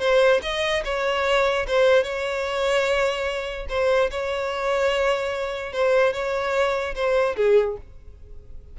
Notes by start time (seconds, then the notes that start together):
0.00 C5
0.42 D#5
0.85 C#5
1.68 C5
2.04 C#5
3.69 C5
4.11 C#5
5.73 C5
6.13 C#5
6.95 C5
7.37 G#4